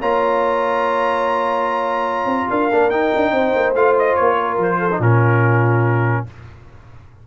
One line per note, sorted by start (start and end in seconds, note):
0.00 2.26 A#3
0.00 2.72 F4
0.00 2.50 C#5
0.00 2.51 A#5
2.26 2.46 C4
2.50 2.71 D4
2.50 3.33 A#4
2.50 2.90 F5
2.72 2.92 A#3
2.72 2.92 D4
2.90 3.13 D#4
2.90 3.75 D#4
2.90 3.74 G5
3.16 3.32 D4
3.32 3.52 C4
3.32 4.37 C5
3.55 3.75 A#3
3.75 4.16 A3
3.75 4.91 F4
3.75 3.96 F5
3.99 4.16 D#5
4.16 4.58 A#3
4.16 4.58 C#5
4.38 4.79 A#4
4.58 5.00 F3
4.58 5.02 C5
4.79 5.00 A4
4.91 5.02 D#4
5.00 6.25 A#2
5.00 6.27 C#4
5.00 6.25 F4
5.00 6.27 A#4